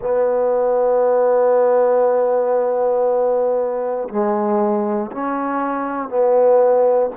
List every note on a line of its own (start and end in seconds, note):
0.01 4.08 B3
4.09 5.10 G#3
5.11 6.08 C#4
6.08 7.10 B3